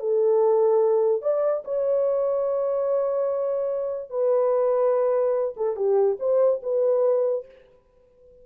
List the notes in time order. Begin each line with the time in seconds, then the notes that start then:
0.00 A4
1.22 D5
1.65 C#5
4.10 B4
5.57 A4
5.76 G4
6.20 C5
6.63 B4